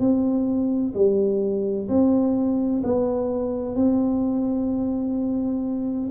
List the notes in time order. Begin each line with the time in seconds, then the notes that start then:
0.00 C4
0.94 G3
1.88 C4
2.83 B3
3.75 C4